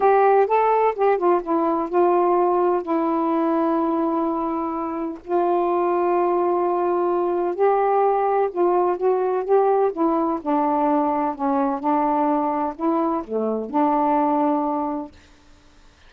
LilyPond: \new Staff \with { instrumentName = "saxophone" } { \time 4/4 \tempo 4 = 127 g'4 a'4 g'8 f'8 e'4 | f'2 e'2~ | e'2. f'4~ | f'1 |
g'2 f'4 fis'4 | g'4 e'4 d'2 | cis'4 d'2 e'4 | a4 d'2. | }